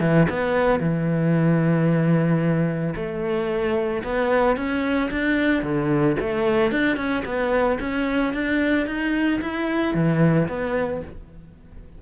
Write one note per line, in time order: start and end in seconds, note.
0.00 0.27 E3
0.29 0.80 B3
0.80 2.94 E3
2.95 4.03 A3
4.03 4.56 B3
4.56 5.10 C#4
5.11 5.62 D4
5.62 6.16 D3
6.20 6.71 A3
6.71 6.96 D4
6.96 7.23 C#4
7.25 7.78 B3
7.79 8.33 C#4
8.33 8.87 D4
8.87 9.40 D#4
9.41 9.94 E4
9.94 10.48 E3
10.48 11.02 B3